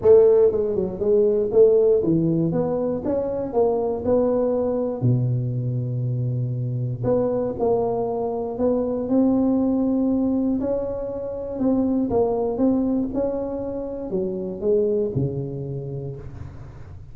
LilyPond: \new Staff \with { instrumentName = "tuba" } { \time 4/4 \tempo 4 = 119 a4 gis8 fis8 gis4 a4 | e4 b4 cis'4 ais4 | b2 b,2~ | b,2 b4 ais4~ |
ais4 b4 c'2~ | c'4 cis'2 c'4 | ais4 c'4 cis'2 | fis4 gis4 cis2 | }